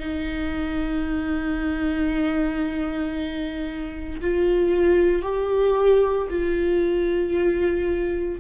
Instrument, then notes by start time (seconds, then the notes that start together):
viola
0.00 D#4
4.22 F4
5.22 G4
6.30 F4